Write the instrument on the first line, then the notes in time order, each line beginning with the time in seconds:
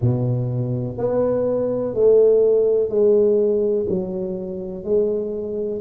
tuba
0.01 B2
0.97 B3
1.94 A3
2.89 G#3
3.89 F#3
4.83 G#3